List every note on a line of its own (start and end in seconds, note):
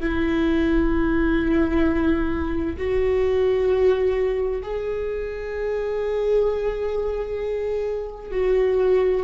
0.00 2.77 E4
2.78 4.62 F#4
4.63 8.31 G#4
8.31 9.23 F#4